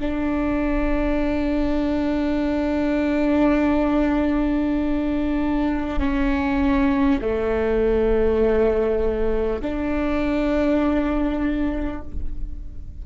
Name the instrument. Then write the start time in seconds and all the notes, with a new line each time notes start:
viola
0.00 D4
5.99 C#4
7.22 A3
9.62 D4